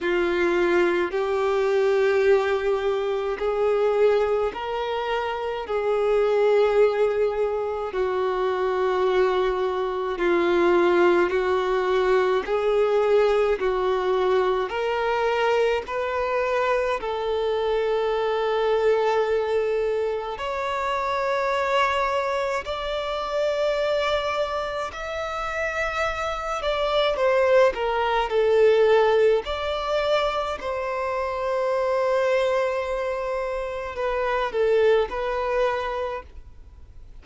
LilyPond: \new Staff \with { instrumentName = "violin" } { \time 4/4 \tempo 4 = 53 f'4 g'2 gis'4 | ais'4 gis'2 fis'4~ | fis'4 f'4 fis'4 gis'4 | fis'4 ais'4 b'4 a'4~ |
a'2 cis''2 | d''2 e''4. d''8 | c''8 ais'8 a'4 d''4 c''4~ | c''2 b'8 a'8 b'4 | }